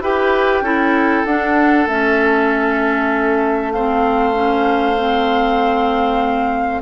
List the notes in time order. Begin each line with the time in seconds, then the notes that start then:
0.00 E4 G4 B4 G5
0.61 C#4 E4 A4
1.25 D4 F#5
1.86 A3 C#4 E5
3.72 C4 C5 F5
4.34 C#4
4.98 C4